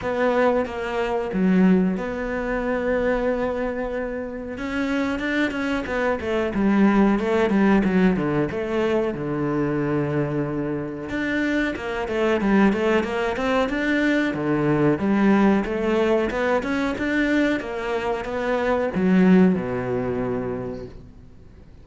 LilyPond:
\new Staff \with { instrumentName = "cello" } { \time 4/4 \tempo 4 = 92 b4 ais4 fis4 b4~ | b2. cis'4 | d'8 cis'8 b8 a8 g4 a8 g8 | fis8 d8 a4 d2~ |
d4 d'4 ais8 a8 g8 a8 | ais8 c'8 d'4 d4 g4 | a4 b8 cis'8 d'4 ais4 | b4 fis4 b,2 | }